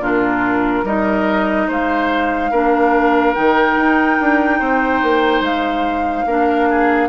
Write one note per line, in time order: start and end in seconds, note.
0.00 0.83 A#2
0.00 0.85 D4
0.00 0.85 F4
0.00 0.86 A#4
0.84 1.67 G3
0.84 2.53 D#4
0.84 1.68 A#4
0.84 1.70 D#5
1.68 2.51 G#3
1.68 2.51 C5
1.68 3.34 F5
2.51 3.35 A#3
2.51 3.35 D4
2.51 4.59 A#4
3.34 3.76 D#3
3.34 6.27 D#4
3.34 5.42 G5
3.76 4.18 D#4
4.20 4.60 D4
4.59 5.02 C4
4.59 6.26 C5
5.03 5.41 A#3
5.41 6.24 G#3
5.41 7.09 F5
6.26 7.09 A#3
6.26 7.09 D4
6.26 6.68 A#4
6.70 7.09 G#4